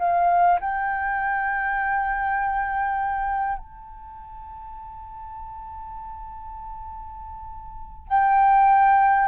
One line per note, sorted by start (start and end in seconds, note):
0.00 0.60 F5
0.61 3.58 G5
3.58 8.08 A5
8.08 9.28 G5